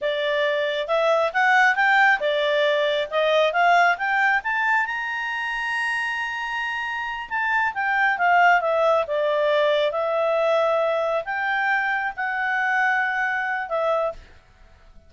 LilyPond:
\new Staff \with { instrumentName = "clarinet" } { \time 4/4 \tempo 4 = 136 d''2 e''4 fis''4 | g''4 d''2 dis''4 | f''4 g''4 a''4 ais''4~ | ais''1~ |
ais''8 a''4 g''4 f''4 e''8~ | e''8 d''2 e''4.~ | e''4. g''2 fis''8~ | fis''2. e''4 | }